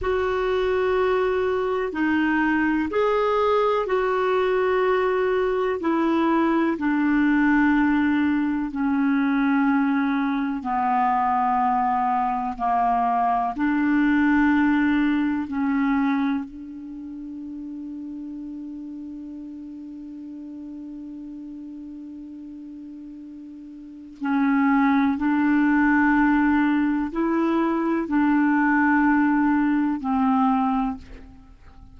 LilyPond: \new Staff \with { instrumentName = "clarinet" } { \time 4/4 \tempo 4 = 62 fis'2 dis'4 gis'4 | fis'2 e'4 d'4~ | d'4 cis'2 b4~ | b4 ais4 d'2 |
cis'4 d'2.~ | d'1~ | d'4 cis'4 d'2 | e'4 d'2 c'4 | }